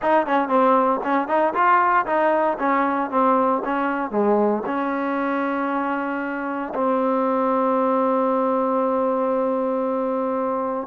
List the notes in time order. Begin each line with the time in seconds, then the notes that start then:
0.02 D#4
0.26 C#4
0.48 C4
1.03 C#4
1.27 D#4
1.54 F4
2.05 D#4
2.59 C#4
3.10 C4
3.64 C#4
4.11 G#3
4.66 C#4
6.74 C4